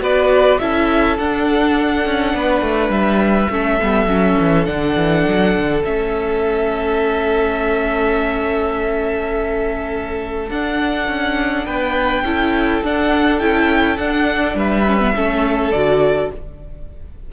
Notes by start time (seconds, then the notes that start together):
0.00 B3 F#4 B4 D5
0.59 C#4 E4 A4 E5
1.18 D4 F#5
2.06 C#4
2.34 B3 B4
2.61 A3
2.89 G3 E5
3.50 A3 C#4 A4
3.81 G3 B3
4.06 F#3 C#4
4.39 E3
4.66 D3 D4 F#5
4.96 E3
5.28 F#3
5.58 D3
5.84 A3 C#4 E5
10.50 D4 F#5
11.08 C#4
11.66 B3 B4 G5
12.24 C#4 E4 A4
12.83 D4 F#5
13.39 C#4 E4 G5
13.97 D4 F#5
14.54 G3 B4 E5
14.87 C#4
15.00 B3
15.15 A3 C#4 A4
15.72 D3 F#4 D5